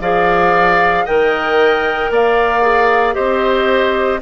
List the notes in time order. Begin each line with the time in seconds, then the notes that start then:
0.00 F3 G#4 D5 F5
1.05 D#3 A#4 D#5 G5
2.10 A#3 D5 F5
2.62 G#4
3.13 C4 G4 C5 D#5